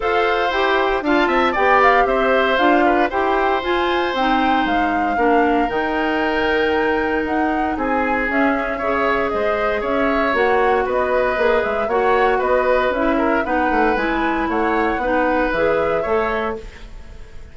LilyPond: <<
  \new Staff \with { instrumentName = "flute" } { \time 4/4 \tempo 4 = 116 f''4 g''4 a''4 g''8 f''8 | e''4 f''4 g''4 gis''4 | g''4 f''2 g''4~ | g''2 fis''4 gis''4 |
e''2 dis''4 e''4 | fis''4 dis''4. e''8 fis''4 | dis''4 e''4 fis''4 gis''4 | fis''2 e''2 | }
  \new Staff \with { instrumentName = "oboe" } { \time 4/4 c''2 f''8 e''8 d''4 | c''4. b'8 c''2~ | c''2 ais'2~ | ais'2. gis'4~ |
gis'4 cis''4 c''4 cis''4~ | cis''4 b'2 cis''4 | b'4. ais'8 b'2 | cis''4 b'2 cis''4 | }
  \new Staff \with { instrumentName = "clarinet" } { \time 4/4 a'4 g'4 f'4 g'4~ | g'4 f'4 g'4 f'4 | dis'2 d'4 dis'4~ | dis'1 |
cis'4 gis'2. | fis'2 gis'4 fis'4~ | fis'4 e'4 dis'4 e'4~ | e'4 dis'4 gis'4 a'4 | }
  \new Staff \with { instrumentName = "bassoon" } { \time 4/4 f'4 e'4 d'8 c'8 b4 | c'4 d'4 e'4 f'4 | c'4 gis4 ais4 dis4~ | dis2 dis'4 c'4 |
cis'4 cis4 gis4 cis'4 | ais4 b4 ais8 gis8 ais4 | b4 cis'4 b8 a8 gis4 | a4 b4 e4 a4 | }
>>